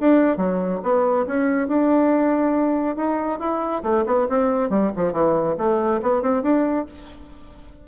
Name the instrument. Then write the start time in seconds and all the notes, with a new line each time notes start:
bassoon
0.00 D4
0.37 F#3
0.83 B3
1.26 C#4
1.68 D4
2.96 D#4
3.39 E4
3.83 A3
4.06 B3
4.29 C4
4.70 G3
4.96 F3
5.12 E3
5.58 A3
6.02 B3
6.22 C4
6.42 D4